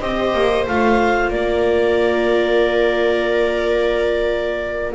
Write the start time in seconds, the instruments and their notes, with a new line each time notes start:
0.00 double bass C4, viola G4 C5, clarinet D#5
0.34 double bass A#3
0.66 double bass A3, viola F4, clarinet F5
1.29 double bass A#3, clarinet D5
1.36 viola A#4